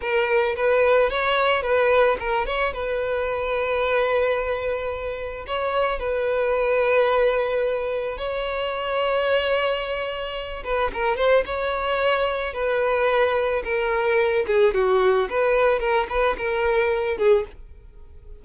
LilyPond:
\new Staff \with { instrumentName = "violin" } { \time 4/4 \tempo 4 = 110 ais'4 b'4 cis''4 b'4 | ais'8 cis''8 b'2.~ | b'2 cis''4 b'4~ | b'2. cis''4~ |
cis''2.~ cis''8 b'8 | ais'8 c''8 cis''2 b'4~ | b'4 ais'4. gis'8 fis'4 | b'4 ais'8 b'8 ais'4. gis'8 | }